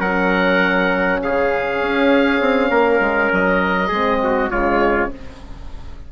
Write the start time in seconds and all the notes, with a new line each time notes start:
0.00 F#3 C#4 A#4 F#5
1.23 C#3 G#4 F5
1.81 C#4
2.41 C4
2.71 A#3 A#4
3.00 G#3
3.33 F#3 D#5
3.88 G#3 C4 G#4
4.23 F#4
4.50 C#3 G#3 F4 C#5